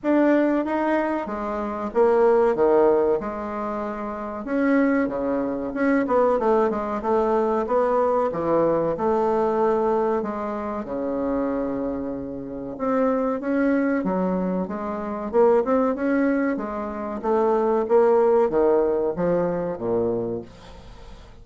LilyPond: \new Staff \with { instrumentName = "bassoon" } { \time 4/4 \tempo 4 = 94 d'4 dis'4 gis4 ais4 | dis4 gis2 cis'4 | cis4 cis'8 b8 a8 gis8 a4 | b4 e4 a2 |
gis4 cis2. | c'4 cis'4 fis4 gis4 | ais8 c'8 cis'4 gis4 a4 | ais4 dis4 f4 ais,4 | }